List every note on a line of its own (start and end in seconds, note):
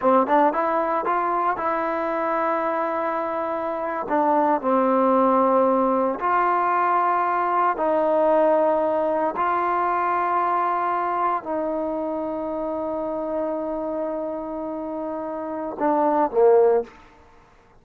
0.01 0.27 C4
0.27 0.53 D4
0.53 1.05 E4
1.05 1.56 F4
1.56 4.06 E4
4.08 4.61 D4
4.61 6.19 C4
6.19 7.76 F4
7.76 9.34 D#4
9.36 11.43 F4
11.43 15.77 D#4
15.79 16.31 D4
16.31 16.83 A#3